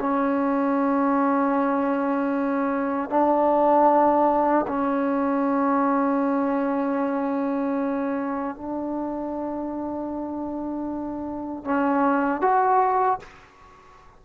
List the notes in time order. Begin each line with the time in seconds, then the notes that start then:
0.00 C#4
3.10 D4
4.68 C#4
8.56 D4
11.65 C#4
12.42 F#4